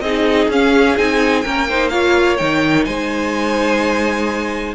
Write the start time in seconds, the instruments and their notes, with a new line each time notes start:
0.00 cello C4, viola D#4, violin G#4 D#5
0.48 cello C#4, viola C#4, violin F5
0.97 cello C4, viola D#4, violin G#5
1.41 cello A#3, viola C#4, violin A#4 G5
1.68 viola D#4, violin C5
1.89 viola F4, violin C#5 F5
2.37 cello D#3, viola D#4, violin G5
2.85 cello G#3, violin C5 G#5